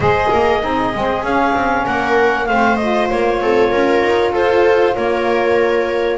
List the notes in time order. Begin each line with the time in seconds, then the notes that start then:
0.00 G#3 G#4 C5 D#5
0.30 A#3 A#4
0.61 C4 D#4 G#4
0.94 G#3 C4
1.22 C#4 F5
1.54 C4
1.85 A#3 A#4 F#5
2.46 A3 C4 C5 F5
2.76 F4 D#5
3.10 A#3 C#5
3.40 C4 A4
3.70 C#4 A#4
4.01 D#4
4.31 F4 A4 C5
4.94 A#3 A#4 C#5